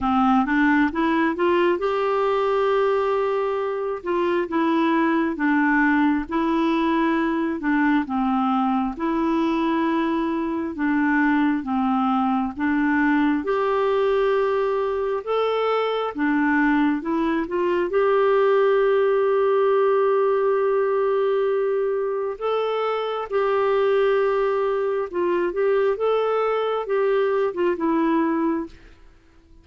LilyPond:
\new Staff \with { instrumentName = "clarinet" } { \time 4/4 \tempo 4 = 67 c'8 d'8 e'8 f'8 g'2~ | g'8 f'8 e'4 d'4 e'4~ | e'8 d'8 c'4 e'2 | d'4 c'4 d'4 g'4~ |
g'4 a'4 d'4 e'8 f'8 | g'1~ | g'4 a'4 g'2 | f'8 g'8 a'4 g'8. f'16 e'4 | }